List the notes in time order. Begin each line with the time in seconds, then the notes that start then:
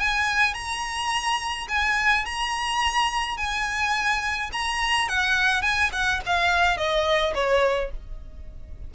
0.00 G#5
0.54 A#5
1.69 G#5
2.26 A#5
3.37 G#5
4.53 A#5
5.09 F#5
5.62 G#5
5.93 F#5
6.26 F5
6.77 D#5
7.35 C#5